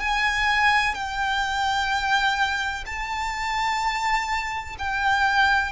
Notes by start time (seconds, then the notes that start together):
0.00 G#5
0.94 G5
2.86 A5
4.79 G5